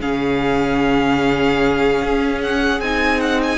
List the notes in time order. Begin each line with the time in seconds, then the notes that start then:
0.00 C#3 C#4 G#4 F5
2.02 C#4
2.42 F#5
2.80 C4 D#4 G#5
3.20 F#5
3.43 G#5